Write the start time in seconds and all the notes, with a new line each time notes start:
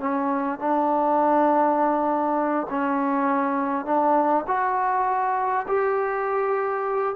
0.00 C#4
0.60 D4
2.70 C#4
3.86 D4
4.48 F#4
5.68 G4